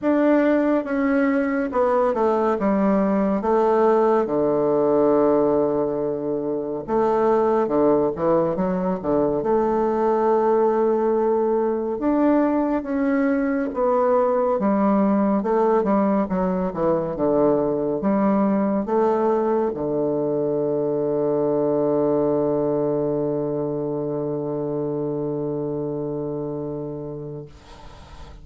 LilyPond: \new Staff \with { instrumentName = "bassoon" } { \time 4/4 \tempo 4 = 70 d'4 cis'4 b8 a8 g4 | a4 d2. | a4 d8 e8 fis8 d8 a4~ | a2 d'4 cis'4 |
b4 g4 a8 g8 fis8 e8 | d4 g4 a4 d4~ | d1~ | d1 | }